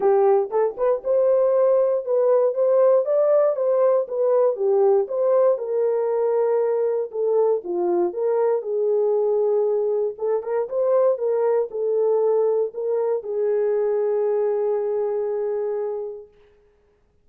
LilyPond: \new Staff \with { instrumentName = "horn" } { \time 4/4 \tempo 4 = 118 g'4 a'8 b'8 c''2 | b'4 c''4 d''4 c''4 | b'4 g'4 c''4 ais'4~ | ais'2 a'4 f'4 |
ais'4 gis'2. | a'8 ais'8 c''4 ais'4 a'4~ | a'4 ais'4 gis'2~ | gis'1 | }